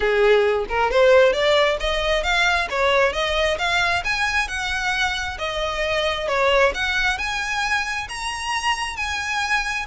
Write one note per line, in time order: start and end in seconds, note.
0.00 0.65 G#4
0.68 0.91 A#4
0.91 1.32 C5
1.32 1.77 D5
1.80 2.23 D#5
2.23 2.68 F5
2.70 3.12 C#5
3.12 3.57 D#5
3.58 4.03 F5
4.04 4.48 G#5
4.48 5.37 F#5
5.38 6.28 D#5
6.28 6.72 C#5
6.74 7.18 F#5
7.18 8.07 G#5
8.08 8.96 A#5
8.96 9.85 G#5